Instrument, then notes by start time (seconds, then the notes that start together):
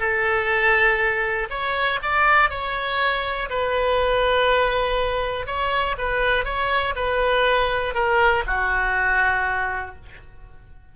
oboe
0.00 A4
1.50 C#5
2.03 D5
2.50 C#5
3.50 B4
5.46 C#5
5.98 B4
6.45 C#5
6.96 B4
7.94 A#4
8.47 F#4